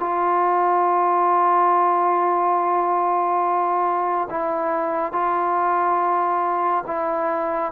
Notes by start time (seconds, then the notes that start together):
0.00 F4
4.31 E4
5.13 F4
6.87 E4